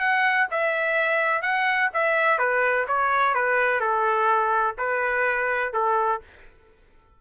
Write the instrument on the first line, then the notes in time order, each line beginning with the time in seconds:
trumpet
0.00 F#5
0.51 E5
1.42 F#5
1.94 E5
2.39 B4
2.88 C#5
3.35 B4
3.81 A4
4.78 B4
5.74 A4